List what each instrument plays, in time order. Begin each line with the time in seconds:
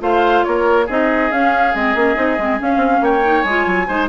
0.00 bassoon A3, clarinet F4, oboe C5, flute F5
0.45 bassoon A#3, oboe A#4, flute C#5
0.87 bassoon C4, clarinet D#4, oboe G#4, flute D#5
1.31 bassoon C#4, clarinet C#4, flute F5
1.75 bassoon G#3, clarinet C4, flute D#5
1.95 bassoon A#3, clarinet C#4
2.16 bassoon C4, clarinet D#4
2.39 bassoon G#3, clarinet C4
2.59 clarinet C#4, bassoon C#4, flute F5
2.77 bassoon C4
3.02 bassoon A#3, oboe C#5, flute G5
3.24 clarinet D#4
3.42 bassoon G#3, flute G#5
3.49 clarinet F4
3.67 bassoon F#3
3.88 bassoon G#3, clarinet D#4, oboe C5